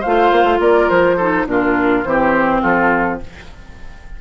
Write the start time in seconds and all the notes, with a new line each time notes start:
0.00 A3 F4 C5 F5
0.31 A#3
0.44 A3
0.60 A#3 A#4 D5
0.89 F3 C5
1.16 D#4 A4
1.45 A#2 D4 F4 A#4
2.04 E3 C4 G4 C5
2.61 F3 F4 A4